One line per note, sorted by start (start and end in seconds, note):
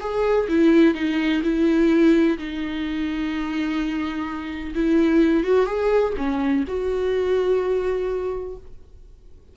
0.00 0.47 G#4
0.48 0.94 E4
0.94 1.42 D#4
1.43 2.38 E4
2.38 4.74 D#4
4.75 5.44 E4
5.44 5.66 F#4
5.66 6.13 G#4
6.17 6.64 C#4
6.67 8.56 F#4